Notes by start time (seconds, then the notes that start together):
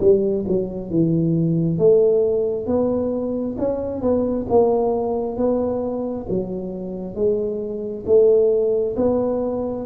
0.00 G3
0.48 F#3
0.90 E3
1.78 A3
2.66 B3
3.58 C#4
4.01 B3
4.49 A#3
5.37 B3
6.29 F#3
7.15 G#3
8.06 A3
8.96 B3